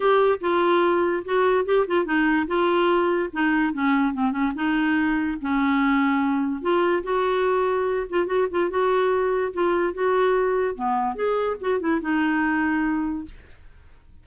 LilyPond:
\new Staff \with { instrumentName = "clarinet" } { \time 4/4 \tempo 4 = 145 g'4 f'2 fis'4 | g'8 f'8 dis'4 f'2 | dis'4 cis'4 c'8 cis'8 dis'4~ | dis'4 cis'2. |
f'4 fis'2~ fis'8 f'8 | fis'8 f'8 fis'2 f'4 | fis'2 b4 gis'4 | fis'8 e'8 dis'2. | }